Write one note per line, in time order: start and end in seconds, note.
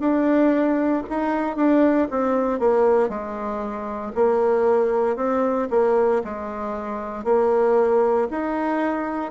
0.00 1.03 D4
1.10 1.57 D#4
1.57 2.08 D4
2.11 2.60 C4
2.60 3.09 A#3
3.09 4.12 G#3
4.15 5.16 A#3
5.16 5.68 C4
5.70 6.22 A#3
6.24 7.25 G#3
7.25 8.28 A#3
8.31 9.32 D#4